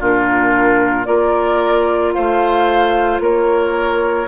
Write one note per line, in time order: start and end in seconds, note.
0.00 1.07 A#2
0.00 1.05 D4
0.00 1.07 F4
0.00 1.05 A#4
1.05 2.15 A#3
1.05 4.27 F4
1.05 2.14 A#4
1.05 2.12 D5
2.13 3.20 A3
2.13 3.22 C5
2.13 3.20 F5
3.20 4.27 A#3
3.20 4.28 A#4
3.20 4.28 C#5